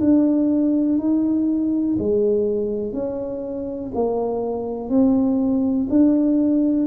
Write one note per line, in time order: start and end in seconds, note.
0.00 0.98 D4
0.98 1.97 D#4
1.99 2.93 G#3
2.93 3.91 C#4
3.94 4.89 A#3
4.89 5.87 C4
5.89 6.86 D4